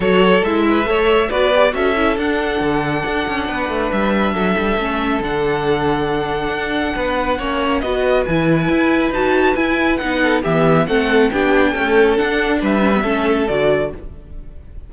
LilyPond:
<<
  \new Staff \with { instrumentName = "violin" } { \time 4/4 \tempo 4 = 138 cis''4 e''2 d''4 | e''4 fis''2.~ | fis''4 e''2. | fis''1~ |
fis''2 dis''4 gis''4~ | gis''4 a''4 gis''4 fis''4 | e''4 fis''4 g''2 | fis''4 e''2 d''4 | }
  \new Staff \with { instrumentName = "violin" } { \time 4/4 a'4. b'8 cis''4 b'4 | a'1 | b'2 a'2~ | a'1 |
b'4 cis''4 b'2~ | b'2.~ b'8 a'8 | g'4 a'4 g'4 a'4~ | a'4 b'4 a'2 | }
  \new Staff \with { instrumentName = "viola" } { \time 4/4 fis'4 e'4 a'4 fis'8 g'8 | fis'8 e'8 d'2.~ | d'2. cis'4 | d'1~ |
d'4 cis'4 fis'4 e'4~ | e'4 fis'4 e'4 dis'4 | b4 c'4 d'4 a4 | d'4. cis'16 b16 cis'4 fis'4 | }
  \new Staff \with { instrumentName = "cello" } { \time 4/4 fis4 gis4 a4 b4 | cis'4 d'4 d4 d'8 cis'8 | b8 a8 g4 fis8 g8 a4 | d2. d'4 |
b4 ais4 b4 e4 | e'4 dis'4 e'4 b4 | e4 a4 b4 cis'4 | d'4 g4 a4 d4 | }
>>